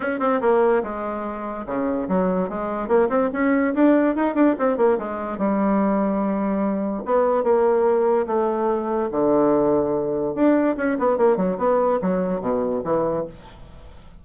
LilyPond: \new Staff \with { instrumentName = "bassoon" } { \time 4/4 \tempo 4 = 145 cis'8 c'8 ais4 gis2 | cis4 fis4 gis4 ais8 c'8 | cis'4 d'4 dis'8 d'8 c'8 ais8 | gis4 g2.~ |
g4 b4 ais2 | a2 d2~ | d4 d'4 cis'8 b8 ais8 fis8 | b4 fis4 b,4 e4 | }